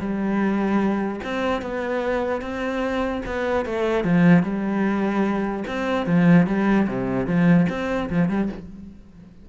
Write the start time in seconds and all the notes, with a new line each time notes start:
0.00 G3
1.24 C4
1.62 B3
2.42 C4
3.26 B3
3.66 A3
4.05 F3
4.43 G3
5.68 C4
6.07 F3
6.47 G3
6.88 C3
7.27 F3
7.70 C4
8.10 F3
8.29 G3